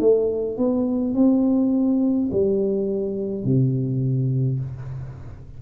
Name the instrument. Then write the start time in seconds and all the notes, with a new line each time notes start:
tuba
0.00 A3
0.57 B3
1.14 C4
2.31 G3
3.44 C3